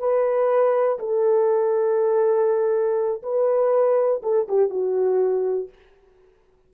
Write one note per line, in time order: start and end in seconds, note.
0.00 0.99 B4
1.00 3.23 A4
3.23 4.22 B4
4.23 4.48 A4
4.49 4.70 G4
4.70 5.70 F#4